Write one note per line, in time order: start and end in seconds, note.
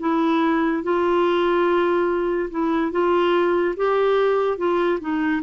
0.00 0.83 E4
0.83 2.50 F4
2.50 2.92 E4
2.92 3.75 F4
3.77 4.58 G4
4.58 5.00 F4
5.00 5.42 D#4